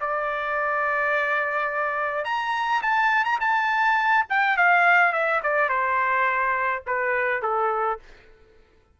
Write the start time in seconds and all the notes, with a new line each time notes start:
0.00 D5
2.24 A#5
2.82 A5
3.24 A#5
3.40 A5
4.29 G5
4.57 F5
5.12 E5
5.43 D5
5.69 C5
6.86 B4
7.42 A4